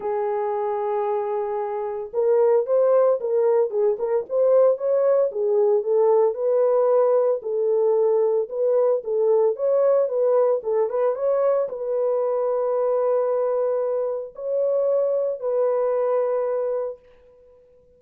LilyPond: \new Staff \with { instrumentName = "horn" } { \time 4/4 \tempo 4 = 113 gis'1 | ais'4 c''4 ais'4 gis'8 ais'8 | c''4 cis''4 gis'4 a'4 | b'2 a'2 |
b'4 a'4 cis''4 b'4 | a'8 b'8 cis''4 b'2~ | b'2. cis''4~ | cis''4 b'2. | }